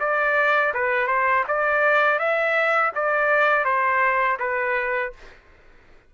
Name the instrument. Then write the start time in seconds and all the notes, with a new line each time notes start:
trumpet
0.00 D5
0.74 B4
1.08 C5
1.48 D5
2.19 E5
2.96 D5
3.65 C5
4.40 B4